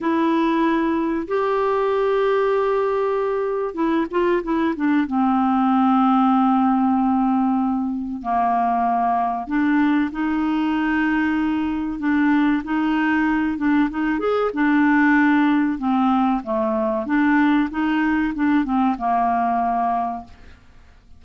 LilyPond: \new Staff \with { instrumentName = "clarinet" } { \time 4/4 \tempo 4 = 95 e'2 g'2~ | g'2 e'8 f'8 e'8 d'8 | c'1~ | c'4 ais2 d'4 |
dis'2. d'4 | dis'4. d'8 dis'8 gis'8 d'4~ | d'4 c'4 a4 d'4 | dis'4 d'8 c'8 ais2 | }